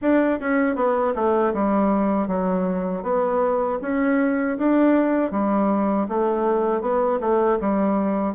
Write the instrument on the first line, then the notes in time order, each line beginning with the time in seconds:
bassoon
0.01 D4
0.40 C#4
0.75 B3
1.15 A3
1.53 G3
2.27 F#3
3.02 B3
3.81 C#4
4.57 D4
5.31 G3
6.08 A3
6.81 B3
7.20 A3
7.60 G3